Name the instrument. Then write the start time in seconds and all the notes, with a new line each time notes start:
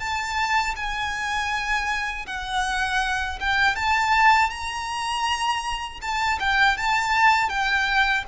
violin
0.00 A5
0.76 G#5
2.27 F#5
3.40 G5
3.76 A5
4.50 A#5
6.02 A5
6.40 G5
6.77 A5
7.49 G5